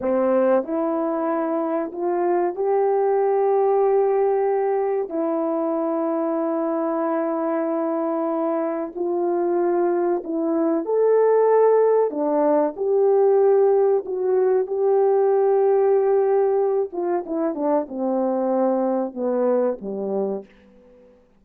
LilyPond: \new Staff \with { instrumentName = "horn" } { \time 4/4 \tempo 4 = 94 c'4 e'2 f'4 | g'1 | e'1~ | e'2 f'2 |
e'4 a'2 d'4 | g'2 fis'4 g'4~ | g'2~ g'8 f'8 e'8 d'8 | c'2 b4 g4 | }